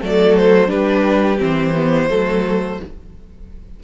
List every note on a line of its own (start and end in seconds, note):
0.00 0.70 F#3
0.00 0.67 A3
0.00 0.68 A4
0.00 0.36 D5
0.36 0.70 C5
0.67 1.40 G3
0.67 1.37 D4
0.67 2.08 G4
0.67 1.40 B4
1.38 2.10 E3
1.38 1.73 C4
1.38 2.83 C5
1.75 2.10 B3
2.09 2.80 F#3
2.09 2.79 A3
2.09 2.79 A4